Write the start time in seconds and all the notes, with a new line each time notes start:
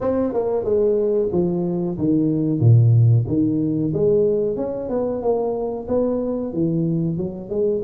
0.00 C4
0.33 A#3
0.64 G#3
1.32 F3
1.97 D#3
2.60 A#2
3.27 D#3
3.93 G#3
4.56 C#4
4.89 B3
5.22 A#3
5.88 B3
6.53 E3
7.17 F#3
7.49 G#3